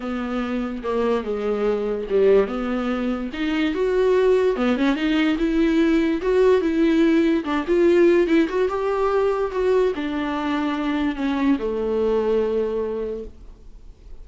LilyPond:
\new Staff \with { instrumentName = "viola" } { \time 4/4 \tempo 4 = 145 b2 ais4 gis4~ | gis4 g4 b2 | dis'4 fis'2 b8 cis'8 | dis'4 e'2 fis'4 |
e'2 d'8 f'4. | e'8 fis'8 g'2 fis'4 | d'2. cis'4 | a1 | }